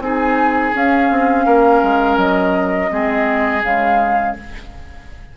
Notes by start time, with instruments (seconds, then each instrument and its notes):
0.00 bassoon C4, clarinet D#4, oboe G#4, flute G#5
0.73 clarinet C#4, bassoon C#4, flute F5
1.11 bassoon C4
1.46 bassoon A#3, oboe A#4
1.83 bassoon G#3
2.17 bassoon F#3, flute D#5
2.89 bassoon G#3, clarinet C4, oboe G#4
3.63 bassoon C#3, clarinet G#3, flute F5